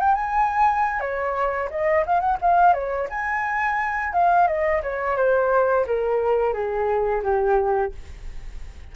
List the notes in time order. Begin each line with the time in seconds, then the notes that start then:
0.00 G5
0.15 G#5
1.00 C#5
1.71 D#5
2.07 F5
2.20 F#5
2.42 F5
2.73 C#5
3.10 G#5
4.13 F5
4.48 D#5
4.83 C#5
5.17 C5
5.87 A#4
6.53 G#4
7.24 G4